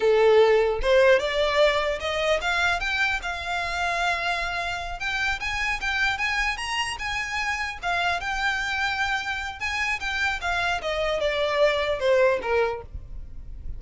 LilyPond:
\new Staff \with { instrumentName = "violin" } { \time 4/4 \tempo 4 = 150 a'2 c''4 d''4~ | d''4 dis''4 f''4 g''4 | f''1~ | f''8 g''4 gis''4 g''4 gis''8~ |
gis''8 ais''4 gis''2 f''8~ | f''8 g''2.~ g''8 | gis''4 g''4 f''4 dis''4 | d''2 c''4 ais'4 | }